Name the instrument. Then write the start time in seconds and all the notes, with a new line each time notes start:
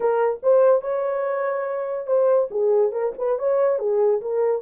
horn
0.00 A#4
0.42 C5
0.81 C#5
2.06 C5
2.51 G#4
2.92 A#4
3.18 B4
3.38 C#5
3.79 G#4
4.21 A#4